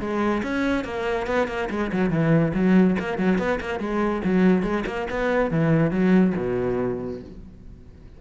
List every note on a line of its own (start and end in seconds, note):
0.00 0.42 G#3
0.43 0.85 C#4
0.85 1.27 A#3
1.27 1.48 B3
1.48 1.69 A#3
1.70 1.91 G#3
1.93 2.10 F#3
2.10 2.53 E3
2.54 2.96 F#3
2.99 3.18 A#3
3.18 3.38 F#3
3.38 3.60 B3
3.61 3.80 A#3
3.80 4.22 G#3
4.25 4.63 F#3
4.63 4.84 G#3
4.87 5.08 A#3
5.10 5.51 B3
5.51 5.91 E3
5.91 6.33 F#3
6.36 7.21 B2